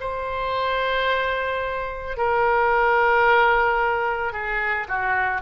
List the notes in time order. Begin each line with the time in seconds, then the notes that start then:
0.00 C5
2.16 A#4
4.32 G#4
4.88 F#4